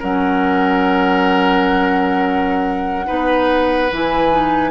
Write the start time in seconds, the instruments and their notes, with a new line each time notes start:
0.00 bassoon F#3, clarinet C#4, oboe A#4, flute F#5
3.07 bassoon B3, clarinet D#4, oboe B4
3.92 bassoon E3, clarinet E4, flute G#5
4.32 clarinet D#4